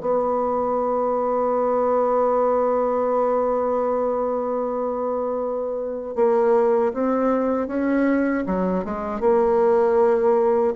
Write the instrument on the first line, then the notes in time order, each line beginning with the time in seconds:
bassoon
0.00 B3
6.15 A#3
6.93 C4
7.67 C#4
8.45 F#3
8.84 G#3
9.20 A#3